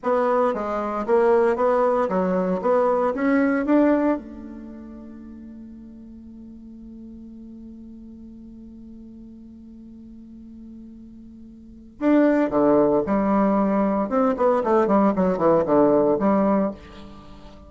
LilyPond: \new Staff \with { instrumentName = "bassoon" } { \time 4/4 \tempo 4 = 115 b4 gis4 ais4 b4 | fis4 b4 cis'4 d'4 | a1~ | a1~ |
a1~ | a2. d'4 | d4 g2 c'8 b8 | a8 g8 fis8 e8 d4 g4 | }